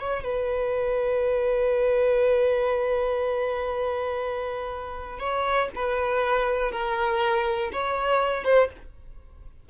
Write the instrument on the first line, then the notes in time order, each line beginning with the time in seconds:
violin
0.00 C#5
0.23 B4
5.19 C#5
5.75 B4
6.71 A#4
7.72 C#5
8.44 C5